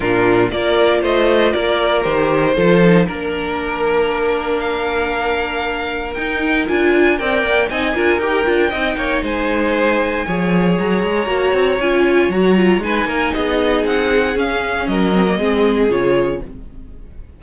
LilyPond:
<<
  \new Staff \with { instrumentName = "violin" } { \time 4/4 \tempo 4 = 117 ais'4 d''4 dis''4 d''4 | c''2 ais'2~ | ais'4 f''2. | g''4 gis''4 g''4 gis''4 |
g''2 gis''2~ | gis''4 ais''2 gis''4 | ais''4 gis''4 dis''4 fis''4 | f''4 dis''2 cis''4 | }
  \new Staff \with { instrumentName = "violin" } { \time 4/4 f'4 ais'4 c''4 ais'4~ | ais'4 a'4 ais'2~ | ais'1~ | ais'2 d''4 dis''8 ais'8~ |
ais'4 dis''8 cis''8 c''2 | cis''1~ | cis''4 b'8 ais'8 gis'2~ | gis'4 ais'4 gis'2 | }
  \new Staff \with { instrumentName = "viola" } { \time 4/4 d'4 f'2. | g'4 f'8 dis'8 d'2~ | d'1 | dis'4 f'4 ais'4 dis'8 f'8 |
g'8 f'8 dis'2. | gis'2 fis'4 f'4 | fis'8 f'8 dis'2. | cis'4. c'16 ais16 c'4 f'4 | }
  \new Staff \with { instrumentName = "cello" } { \time 4/4 ais,4 ais4 a4 ais4 | dis4 f4 ais2~ | ais1 | dis'4 d'4 c'8 ais8 c'8 d'8 |
dis'8 d'8 c'8 ais8 gis2 | f4 fis8 gis8 ais8 c'8 cis'4 | fis4 gis8 ais8 b4 c'4 | cis'4 fis4 gis4 cis4 | }
>>